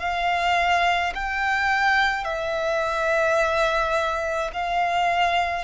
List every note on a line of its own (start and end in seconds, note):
0.00 1.13 F5
1.15 2.24 G5
2.24 4.51 E5
4.53 5.64 F5